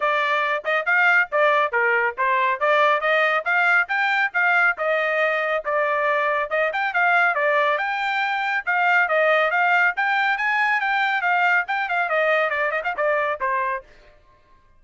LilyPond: \new Staff \with { instrumentName = "trumpet" } { \time 4/4 \tempo 4 = 139 d''4. dis''8 f''4 d''4 | ais'4 c''4 d''4 dis''4 | f''4 g''4 f''4 dis''4~ | dis''4 d''2 dis''8 g''8 |
f''4 d''4 g''2 | f''4 dis''4 f''4 g''4 | gis''4 g''4 f''4 g''8 f''8 | dis''4 d''8 dis''16 f''16 d''4 c''4 | }